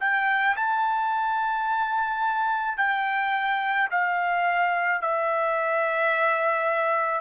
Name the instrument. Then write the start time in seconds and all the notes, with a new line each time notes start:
trumpet
0.00 G5
0.56 A5
2.77 G5
3.90 F5
5.01 E5